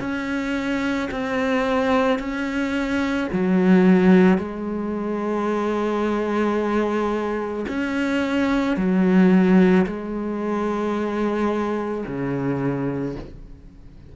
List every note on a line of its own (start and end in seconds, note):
0.00 1.09 C#4
1.12 2.19 C4
2.19 3.28 C#4
3.33 4.38 F#3
4.38 7.66 G#3
7.69 8.77 C#4
8.77 9.86 F#3
9.87 12.05 G#3
12.06 13.16 C#3